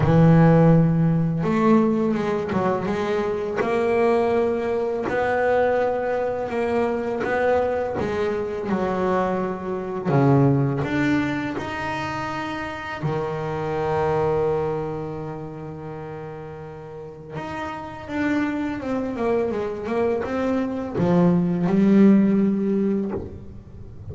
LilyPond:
\new Staff \with { instrumentName = "double bass" } { \time 4/4 \tempo 4 = 83 e2 a4 gis8 fis8 | gis4 ais2 b4~ | b4 ais4 b4 gis4 | fis2 cis4 d'4 |
dis'2 dis2~ | dis1 | dis'4 d'4 c'8 ais8 gis8 ais8 | c'4 f4 g2 | }